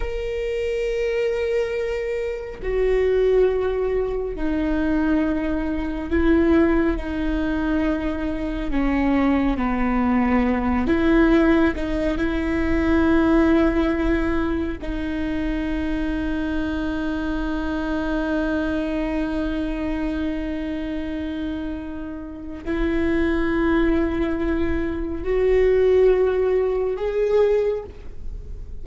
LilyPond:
\new Staff \with { instrumentName = "viola" } { \time 4/4 \tempo 4 = 69 ais'2. fis'4~ | fis'4 dis'2 e'4 | dis'2 cis'4 b4~ | b8 e'4 dis'8 e'2~ |
e'4 dis'2.~ | dis'1~ | dis'2 e'2~ | e'4 fis'2 gis'4 | }